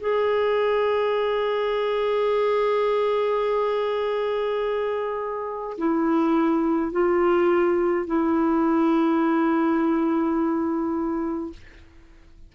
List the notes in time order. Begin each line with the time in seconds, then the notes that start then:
0.00 G#4
5.78 E4
6.92 F4
8.07 E4